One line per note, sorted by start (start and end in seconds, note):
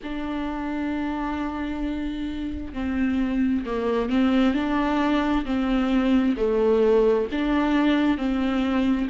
0.03 2.73 D4
2.73 3.64 C4
3.65 4.09 A#3
4.09 4.53 C4
4.53 5.44 D4
5.45 6.36 C4
6.36 7.27 A3
7.31 8.17 D4
8.17 9.08 C4